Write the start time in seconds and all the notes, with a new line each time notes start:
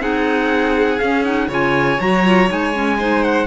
0.00 C4 D#4 G#4 F#5
0.99 C#4 F5
1.24 D#4 F#5
1.48 C#3 F4 C#5 G#5
1.98 F#3 F#4 A#5
2.24 F4
2.48 G#3 D#4 G#5
2.73 C#4
2.99 D#4 C5
3.24 F#5